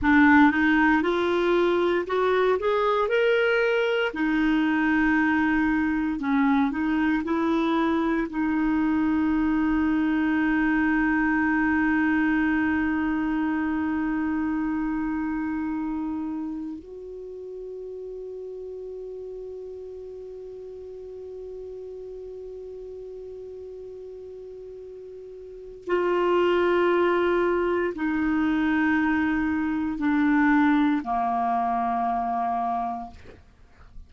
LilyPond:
\new Staff \with { instrumentName = "clarinet" } { \time 4/4 \tempo 4 = 58 d'8 dis'8 f'4 fis'8 gis'8 ais'4 | dis'2 cis'8 dis'8 e'4 | dis'1~ | dis'1~ |
dis'16 fis'2.~ fis'8.~ | fis'1~ | fis'4 f'2 dis'4~ | dis'4 d'4 ais2 | }